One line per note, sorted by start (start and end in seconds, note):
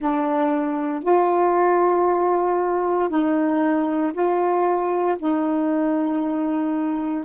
0.00 1.03 D4
1.03 3.08 F4
3.08 4.12 D#4
4.13 5.16 F4
5.19 7.24 D#4